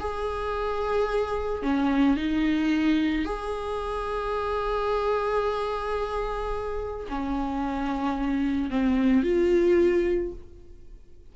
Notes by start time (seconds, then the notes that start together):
0.00 G#4
1.63 C#4
2.17 D#4
3.25 G#4
7.09 C#4
8.70 C4
9.23 F4